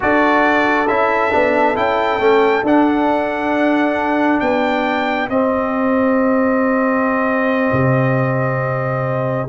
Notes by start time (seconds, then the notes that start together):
0.00 D4 F#4 A4 D5
0.87 C#4 E4 E5
1.31 B3 D4
1.75 C#4 E4 G5
2.19 A3 C#4
2.62 D4 F#5
4.40 B3 G4 G5
5.29 C4 D#5
7.72 C3